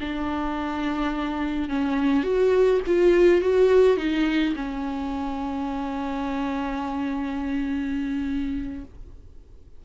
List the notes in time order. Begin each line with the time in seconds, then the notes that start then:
0.00 D4
1.69 C#4
2.23 F#4
2.86 F4
3.41 F#4
3.97 D#4
4.56 C#4